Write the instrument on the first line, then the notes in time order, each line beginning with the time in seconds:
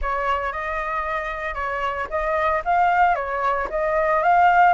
flute
0.01 C#5
0.52 D#5
1.54 C#5
2.10 D#5
2.64 F5
3.15 C#5
3.70 D#5
4.22 F5